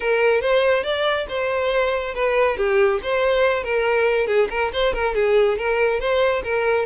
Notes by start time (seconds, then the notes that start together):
0.00 A#4
0.41 C5
0.83 D5
1.29 C5
2.14 B4
2.57 G4
3.03 C5
3.63 A#4
4.26 G#4
4.50 A#4
4.72 C5
4.93 A#4
5.14 G#4
5.58 A#4
6.00 C5
6.43 A#4